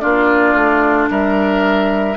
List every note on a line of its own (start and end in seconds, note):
0.00 0.54 A#3
0.00 2.14 D4
0.00 1.10 F4
0.00 1.07 D5
0.54 1.08 A3
1.10 2.17 G3
1.10 2.17 A#4
1.10 2.17 E5